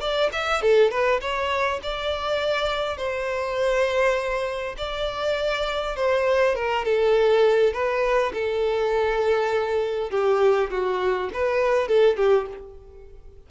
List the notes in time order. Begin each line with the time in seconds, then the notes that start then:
0.00 D5
0.32 E5
0.62 A4
0.90 B4
1.20 C#5
1.83 D5
2.97 C5
4.77 D5
5.96 C5
6.55 A#4
6.85 A4
7.73 B4
8.33 A4
10.10 G4
10.70 F#4
11.33 B4
11.88 A4
12.16 G4